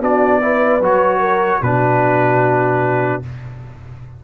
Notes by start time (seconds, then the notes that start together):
0.00 B3 D4 F#4 D5
0.41 E4 B4
0.80 F#3 F#4 C#5
1.19 A#4
1.61 B2 D4 F#4 B4